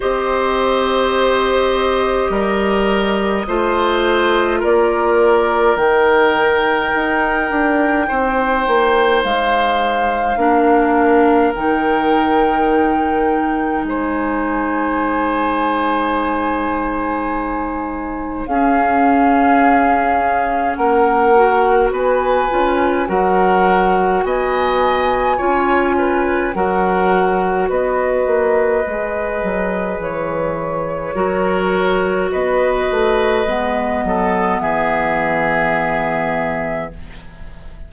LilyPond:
<<
  \new Staff \with { instrumentName = "flute" } { \time 4/4 \tempo 4 = 52 dis''1 | d''4 g''2. | f''2 g''2 | gis''1 |
f''2 fis''4 gis''4 | fis''4 gis''2 fis''4 | dis''2 cis''2 | dis''2 e''2 | }
  \new Staff \with { instrumentName = "oboe" } { \time 4/4 c''2 ais'4 c''4 | ais'2. c''4~ | c''4 ais'2. | c''1 |
gis'2 ais'4 b'4 | ais'4 dis''4 cis''8 b'8 ais'4 | b'2. ais'4 | b'4. a'8 gis'2 | }
  \new Staff \with { instrumentName = "clarinet" } { \time 4/4 g'2. f'4~ | f'4 dis'2.~ | dis'4 d'4 dis'2~ | dis'1 |
cis'2~ cis'8 fis'4 f'8 | fis'2 f'4 fis'4~ | fis'4 gis'2 fis'4~ | fis'4 b2. | }
  \new Staff \with { instrumentName = "bassoon" } { \time 4/4 c'2 g4 a4 | ais4 dis4 dis'8 d'8 c'8 ais8 | gis4 ais4 dis2 | gis1 |
cis'2 ais4 b8 cis'8 | fis4 b4 cis'4 fis4 | b8 ais8 gis8 fis8 e4 fis4 | b8 a8 gis8 fis8 e2 | }
>>